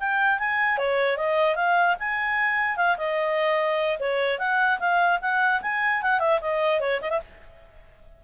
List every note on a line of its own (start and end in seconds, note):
0.00 0.39 G5
0.39 0.78 G#5
0.78 1.17 C#5
1.17 1.56 D#5
1.56 1.96 F5
2.00 2.77 G#5
2.77 2.97 F5
2.98 3.98 D#5
4.00 4.39 C#5
4.39 4.79 F#5
4.80 5.20 F5
5.22 5.62 F#5
5.62 6.02 G#5
6.02 6.20 F#5
6.20 6.40 E5
6.41 6.80 D#5
6.80 7.00 C#5
7.02 7.10 D#5
7.10 7.20 E5